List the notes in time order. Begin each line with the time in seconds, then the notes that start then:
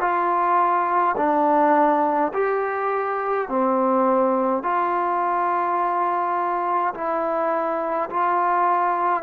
0.00 F4
1.17 D4
2.33 G4
3.48 C4
4.63 F4
6.94 E4
8.10 F4